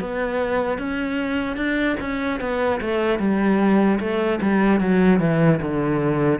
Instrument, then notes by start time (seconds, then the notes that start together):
cello
0.00 B3
0.78 C#4
1.56 D4
2.00 C#4
2.40 B3
2.81 A3
3.19 G3
4.00 A3
4.41 G3
4.80 F#3
5.20 E3
5.61 D3